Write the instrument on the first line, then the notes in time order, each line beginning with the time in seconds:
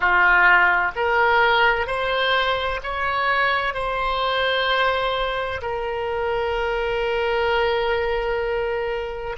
oboe
0.00 F4
0.95 A#4
1.86 C5
2.83 C#5
3.73 C5
5.61 A#4